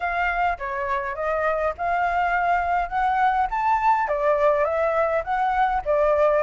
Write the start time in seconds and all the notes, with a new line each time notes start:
0.00 F5
0.58 C#5
1.15 D#5
1.77 F5
2.88 F#5
3.50 A5
4.08 D5
4.64 E5
5.23 F#5
5.85 D5